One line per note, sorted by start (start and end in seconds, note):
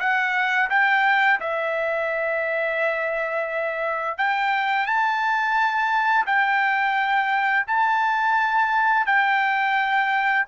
0.00 0.70 F#5
0.70 1.40 G5
1.41 4.18 E5
4.18 4.86 G5
4.86 6.26 A5
6.27 7.66 G5
7.67 9.07 A5
9.07 10.46 G5